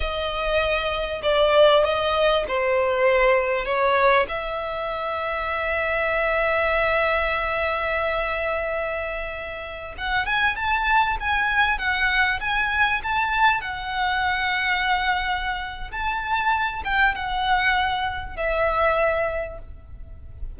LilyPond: \new Staff \with { instrumentName = "violin" } { \time 4/4 \tempo 4 = 98 dis''2 d''4 dis''4 | c''2 cis''4 e''4~ | e''1~ | e''1~ |
e''16 fis''8 gis''8 a''4 gis''4 fis''8.~ | fis''16 gis''4 a''4 fis''4.~ fis''16~ | fis''2 a''4. g''8 | fis''2 e''2 | }